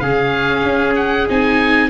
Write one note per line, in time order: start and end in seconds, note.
0.00 0.63 C#3
0.00 1.28 C#4
0.00 1.90 G#4
0.00 0.95 F5
0.63 1.26 C#4
0.96 1.27 F#5
1.29 1.90 C4
1.29 1.90 D#4
1.29 1.90 G#5